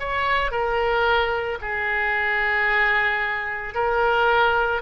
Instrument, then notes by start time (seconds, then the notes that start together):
oboe
0.00 C#5
0.52 A#4
1.62 G#4
3.75 A#4